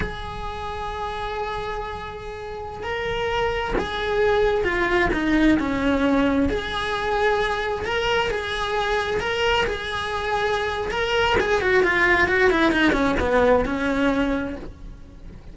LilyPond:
\new Staff \with { instrumentName = "cello" } { \time 4/4 \tempo 4 = 132 gis'1~ | gis'2~ gis'16 ais'4.~ ais'16~ | ais'16 gis'2 f'4 dis'8.~ | dis'16 cis'2 gis'4.~ gis'16~ |
gis'4~ gis'16 ais'4 gis'4.~ gis'16~ | gis'16 ais'4 gis'2~ gis'8. | ais'4 gis'8 fis'8 f'4 fis'8 e'8 | dis'8 cis'8 b4 cis'2 | }